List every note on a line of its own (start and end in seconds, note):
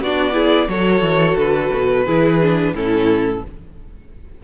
0.00 0.68 B3
0.00 0.33 D4
0.00 0.34 F#4
0.00 0.69 D5
0.33 0.67 E4
0.33 0.68 G#4
0.68 1.01 F#3
0.68 2.06 F#4
0.68 2.05 A4
0.68 1.37 C#5
1.01 1.36 E3
1.36 1.70 D3
1.36 2.75 B4
1.74 2.07 B2
2.05 2.73 E3
2.05 2.41 E4
2.05 2.74 G#4
2.42 2.75 D4
2.73 3.41 A2
2.73 3.43 C#4
2.73 3.43 E4
2.73 3.44 A4